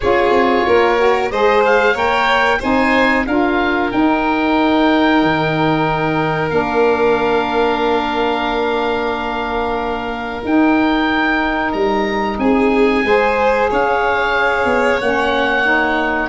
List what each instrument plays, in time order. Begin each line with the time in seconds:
0.00 tuba C#4, saxophone F4, violin G#4, oboe C#5
0.30 tuba C4
0.66 tuba A#3, violin A#4
0.97 saxophone F#4
1.30 tuba G#3, saxophone G#4, violin C5, oboe D#5
1.65 oboe F5
1.93 tuba A#3, saxophone A#4, violin C#5, oboe G5
2.59 tuba C4, saxophone D#4, violin C5, oboe G#5
3.26 tuba D4, saxophone F4, violin A#4, oboe F5
3.90 saxophone D#4, tuba D#4, oboe G5
5.22 tuba D#3
6.50 tuba A#3, saxophone D4, oboe F5
10.44 tuba D#4, saxophone D#4, oboe G5
11.72 tuba G3, oboe A#5
12.38 tuba C4, violin G#4, oboe G#5
13.03 tuba G#3, saxophone G#4, violin C5
13.69 tuba C#4, violin C#5, oboe F5
14.64 tuba B3
15.01 tuba A#3, saxophone C#4, oboe F#5
15.64 saxophone D#4